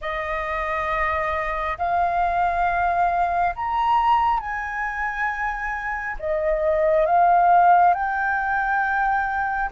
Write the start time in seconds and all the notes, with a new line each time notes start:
0.01 D#5
1.78 F5
3.55 A#5
4.40 G#5
6.19 D#5
7.06 F5
7.94 G5